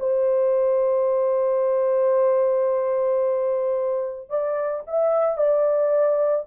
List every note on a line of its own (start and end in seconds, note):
0.00 4.29 C5
4.29 4.84 D5
4.87 5.38 E5
5.38 6.46 D5